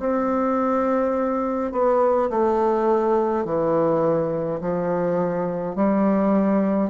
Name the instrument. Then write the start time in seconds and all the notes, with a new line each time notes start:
bassoon
0.00 C4
1.73 B3
2.30 A3
3.45 E3
4.61 F3
5.76 G3